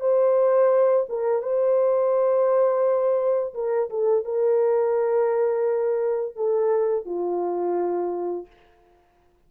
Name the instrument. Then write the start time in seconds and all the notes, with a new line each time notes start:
horn
0.00 C5
1.09 A#4
1.42 C5
3.54 A#4
3.90 A4
4.24 A#4
6.36 A4
7.05 F4